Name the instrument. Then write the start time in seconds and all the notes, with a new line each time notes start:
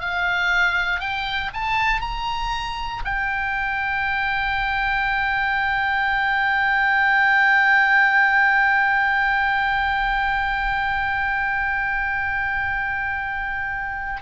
oboe
0.00 F5
0.99 G5
1.53 A5
2.01 A#5
3.05 G5